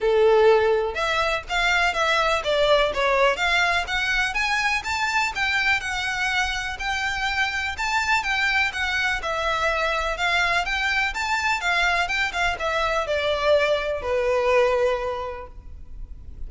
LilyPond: \new Staff \with { instrumentName = "violin" } { \time 4/4 \tempo 4 = 124 a'2 e''4 f''4 | e''4 d''4 cis''4 f''4 | fis''4 gis''4 a''4 g''4 | fis''2 g''2 |
a''4 g''4 fis''4 e''4~ | e''4 f''4 g''4 a''4 | f''4 g''8 f''8 e''4 d''4~ | d''4 b'2. | }